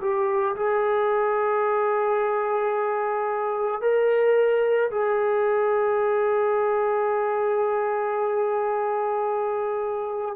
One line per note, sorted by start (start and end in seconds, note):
0.00 0.55 G4
0.55 3.81 G#4
3.81 4.90 A#4
4.90 10.35 G#4